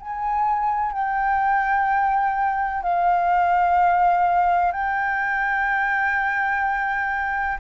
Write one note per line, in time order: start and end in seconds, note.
0.00 0.93 G#5
0.93 2.83 G5
2.83 4.72 F5
4.72 7.58 G5